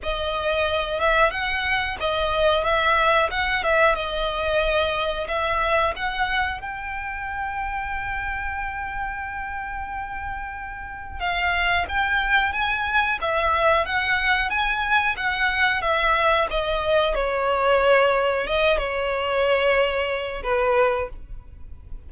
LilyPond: \new Staff \with { instrumentName = "violin" } { \time 4/4 \tempo 4 = 91 dis''4. e''8 fis''4 dis''4 | e''4 fis''8 e''8 dis''2 | e''4 fis''4 g''2~ | g''1~ |
g''4 f''4 g''4 gis''4 | e''4 fis''4 gis''4 fis''4 | e''4 dis''4 cis''2 | dis''8 cis''2~ cis''8 b'4 | }